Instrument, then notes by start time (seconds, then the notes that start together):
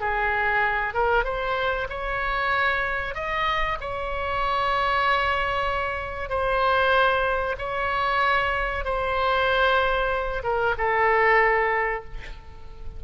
oboe
0.00 G#4
0.93 A#4
1.24 C5
1.89 C#5
3.14 D#5
3.81 C#5
6.29 C5
7.58 C#5
8.84 C5
10.43 A#4
10.78 A4